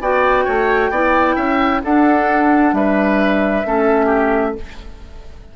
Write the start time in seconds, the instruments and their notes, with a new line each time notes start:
0.00 bassoon B3, clarinet F#4, oboe D5, flute G5
0.45 bassoon A3, oboe C#5
0.90 bassoon B3, clarinet E4, oboe D5
1.35 bassoon C#4, oboe E5
1.83 clarinet D4, bassoon D4, oboe A4, flute F#5
2.73 bassoon G3, oboe B4, flute E5
3.65 bassoon A3, clarinet C#4, oboe A4
4.05 oboe G4